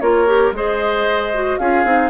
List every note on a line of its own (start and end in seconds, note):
0.00 0.52 A#3
0.00 0.27 F4
0.00 0.56 A#4
0.00 0.53 C#5
0.27 0.53 G4
0.52 1.57 G#3
0.52 1.34 G#4
0.52 1.60 C5
0.52 1.58 D#5
1.34 1.60 F#4
1.58 1.85 C#4
1.58 1.86 F4
1.58 2.10 G#4
1.58 2.10 F5
1.85 2.10 C4
1.85 2.10 D#4